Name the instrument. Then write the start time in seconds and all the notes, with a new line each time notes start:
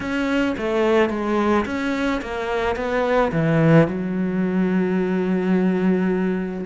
cello
0.00 C#4
0.57 A3
1.09 G#3
1.65 C#4
2.21 A#3
2.76 B3
3.32 E3
3.87 F#3